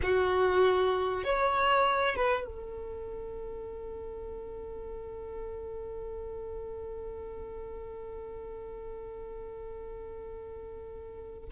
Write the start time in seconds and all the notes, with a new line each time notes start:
0.02 F#4
1.24 C#5
2.15 B4
2.45 A4